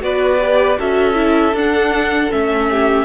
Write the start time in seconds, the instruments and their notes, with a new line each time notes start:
0.00 cello B3, viola F#4, violin B4 D5
0.40 viola G4
0.78 cello C#4, viola F#4, violin A4 E5
1.14 viola E4
1.53 cello D4, viola D4, violin F#5
2.31 cello A3, viola C#4, violin E5
2.69 violin G4